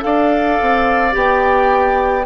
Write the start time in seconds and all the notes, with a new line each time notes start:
0.00 D4 A4 D5 F5
0.61 C4
1.12 B3 G4 G5